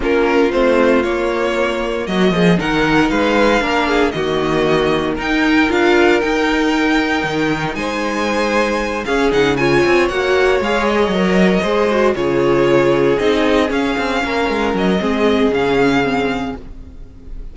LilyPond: <<
  \new Staff \with { instrumentName = "violin" } { \time 4/4 \tempo 4 = 116 ais'4 c''4 cis''2 | dis''4 fis''4 f''2 | dis''2 g''4 f''4 | g''2. gis''4~ |
gis''4. f''8 fis''8 gis''4 fis''8~ | fis''8 f''8 dis''2~ dis''8 cis''8~ | cis''4. dis''4 f''4.~ | f''8 dis''4. f''2 | }
  \new Staff \with { instrumentName = "violin" } { \time 4/4 f'1 | fis'8 gis'8 ais'4 b'4 ais'8 gis'8 | fis'2 ais'2~ | ais'2. c''4~ |
c''4. gis'4 cis''4.~ | cis''2~ cis''8 c''4 gis'8~ | gis'2.~ gis'8 ais'8~ | ais'4 gis'2. | }
  \new Staff \with { instrumentName = "viola" } { \time 4/4 cis'4 c'4 ais2~ | ais4 dis'2 d'4 | ais2 dis'4 f'4 | dis'1~ |
dis'4. cis'8 dis'8 f'4 fis'8~ | fis'8 gis'4 ais'4 gis'8 fis'8 f'8~ | f'4. dis'4 cis'4.~ | cis'4 c'4 cis'4 c'4 | }
  \new Staff \with { instrumentName = "cello" } { \time 4/4 ais4 a4 ais2 | fis8 f8 dis4 gis4 ais4 | dis2 dis'4 d'4 | dis'2 dis4 gis4~ |
gis4. cis'8 cis4 c'8 ais8~ | ais8 gis4 fis4 gis4 cis8~ | cis4. c'4 cis'8 c'8 ais8 | gis8 fis8 gis4 cis2 | }
>>